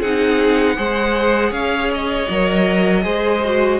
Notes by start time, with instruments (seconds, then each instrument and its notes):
0.00 cello C4, viola D#4, violin G#4 F#5
0.76 cello G#3, viola G#4, violin C5
1.51 cello C#4, violin C#5 F5
1.94 violin D#5
2.29 cello F#3, viola A#4
3.02 cello G#3, viola G#4, violin C5
3.45 viola F#4